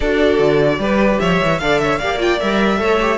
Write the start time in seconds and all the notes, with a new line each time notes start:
0.00 D4 F#4 A4 D5
0.39 D3
0.78 G3 G4 B4
1.19 F3 C#5 E5
1.42 E3
1.58 D3 A4 D5 F5
1.78 C#5 E5
1.98 A#3 G4 D5 F5
2.19 F4 G5
2.39 G3 A#4 E5
2.78 A3 A4 C#5
3.01 G4